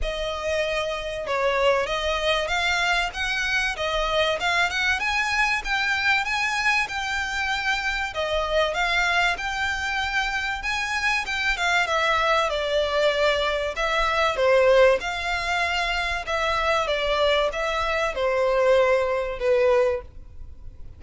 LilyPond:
\new Staff \with { instrumentName = "violin" } { \time 4/4 \tempo 4 = 96 dis''2 cis''4 dis''4 | f''4 fis''4 dis''4 f''8 fis''8 | gis''4 g''4 gis''4 g''4~ | g''4 dis''4 f''4 g''4~ |
g''4 gis''4 g''8 f''8 e''4 | d''2 e''4 c''4 | f''2 e''4 d''4 | e''4 c''2 b'4 | }